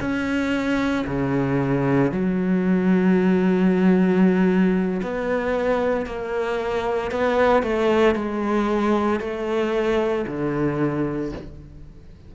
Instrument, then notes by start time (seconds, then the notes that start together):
cello
0.00 C#4
1.06 C#3
2.11 F#3
5.02 B3
6.06 A#3
7.11 B3
7.63 A3
8.15 G#3
9.20 A3
10.27 D3